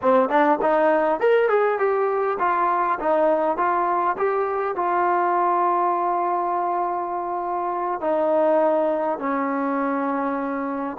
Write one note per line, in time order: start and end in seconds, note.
0.02 0.29 C4
0.29 0.58 D4
0.61 1.19 D#4
1.19 1.49 A#4
1.49 1.78 G#4
1.78 2.38 G4
2.39 2.98 F4
2.99 3.57 D#4
3.57 4.16 F4
4.17 4.75 G4
4.75 8.00 F4
8.00 9.19 D#4
9.19 10.97 C#4